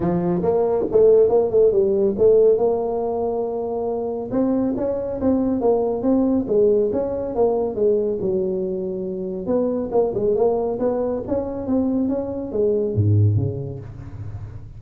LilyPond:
\new Staff \with { instrumentName = "tuba" } { \time 4/4 \tempo 4 = 139 f4 ais4 a4 ais8 a8 | g4 a4 ais2~ | ais2 c'4 cis'4 | c'4 ais4 c'4 gis4 |
cis'4 ais4 gis4 fis4~ | fis2 b4 ais8 gis8 | ais4 b4 cis'4 c'4 | cis'4 gis4 gis,4 cis4 | }